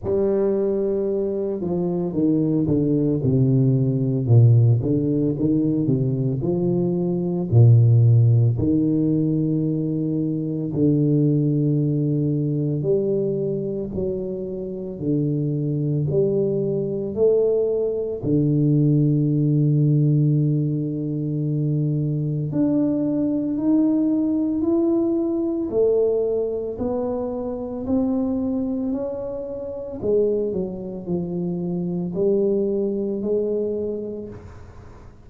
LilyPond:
\new Staff \with { instrumentName = "tuba" } { \time 4/4 \tempo 4 = 56 g4. f8 dis8 d8 c4 | ais,8 d8 dis8 c8 f4 ais,4 | dis2 d2 | g4 fis4 d4 g4 |
a4 d2.~ | d4 d'4 dis'4 e'4 | a4 b4 c'4 cis'4 | gis8 fis8 f4 g4 gis4 | }